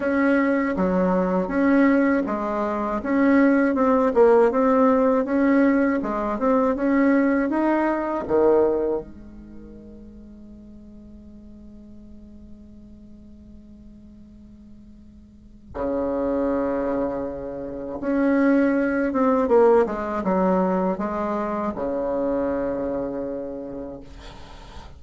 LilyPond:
\new Staff \with { instrumentName = "bassoon" } { \time 4/4 \tempo 4 = 80 cis'4 fis4 cis'4 gis4 | cis'4 c'8 ais8 c'4 cis'4 | gis8 c'8 cis'4 dis'4 dis4 | gis1~ |
gis1~ | gis4 cis2. | cis'4. c'8 ais8 gis8 fis4 | gis4 cis2. | }